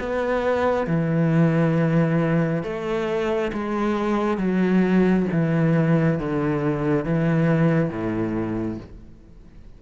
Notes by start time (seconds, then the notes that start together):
0.00 B3
0.87 E3
2.64 A3
3.53 G#3
4.38 F#3
5.32 E3
6.20 D3
7.05 E3
7.90 A2